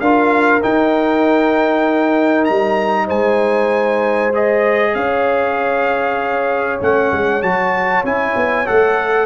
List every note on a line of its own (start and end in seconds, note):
0.00 0.62 D4
0.00 0.62 F4
0.00 3.06 A#4
0.00 0.62 F5
0.62 4.33 D#4
0.62 2.50 D#4
0.62 2.45 G5
2.45 3.10 G3
2.45 3.07 A#5
3.06 4.95 G#3
3.06 4.92 C5
3.06 4.34 G#5
4.34 6.80 G#4
4.34 4.95 D#5
4.95 6.81 C#4
4.95 9.26 C#5
4.95 6.80 F5
6.80 7.12 A3
6.80 7.42 C#4
6.80 7.42 F#5
7.13 7.43 G#3
7.42 8.04 F#3
7.42 8.05 F#4
7.42 8.04 A5
8.04 8.35 C#4
8.04 8.66 E4
8.04 8.67 G#5
8.36 8.67 B3
8.66 9.26 A3
8.66 9.26 A4
8.66 9.26 F#5